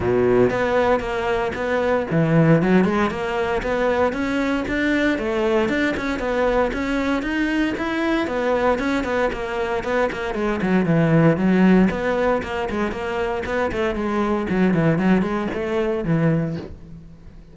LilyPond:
\new Staff \with { instrumentName = "cello" } { \time 4/4 \tempo 4 = 116 b,4 b4 ais4 b4 | e4 fis8 gis8 ais4 b4 | cis'4 d'4 a4 d'8 cis'8 | b4 cis'4 dis'4 e'4 |
b4 cis'8 b8 ais4 b8 ais8 | gis8 fis8 e4 fis4 b4 | ais8 gis8 ais4 b8 a8 gis4 | fis8 e8 fis8 gis8 a4 e4 | }